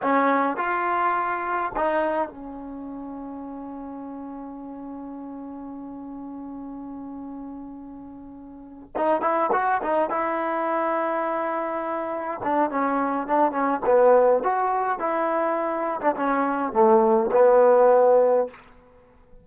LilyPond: \new Staff \with { instrumentName = "trombone" } { \time 4/4 \tempo 4 = 104 cis'4 f'2 dis'4 | cis'1~ | cis'1~ | cis'2.~ cis'8 dis'8 |
e'8 fis'8 dis'8 e'2~ e'8~ | e'4. d'8 cis'4 d'8 cis'8 | b4 fis'4 e'4.~ e'16 d'16 | cis'4 a4 b2 | }